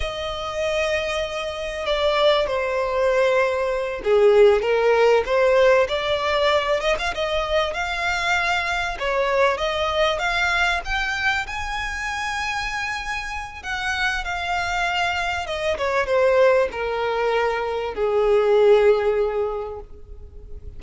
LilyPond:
\new Staff \with { instrumentName = "violin" } { \time 4/4 \tempo 4 = 97 dis''2. d''4 | c''2~ c''8 gis'4 ais'8~ | ais'8 c''4 d''4. dis''16 f''16 dis''8~ | dis''8 f''2 cis''4 dis''8~ |
dis''8 f''4 g''4 gis''4.~ | gis''2 fis''4 f''4~ | f''4 dis''8 cis''8 c''4 ais'4~ | ais'4 gis'2. | }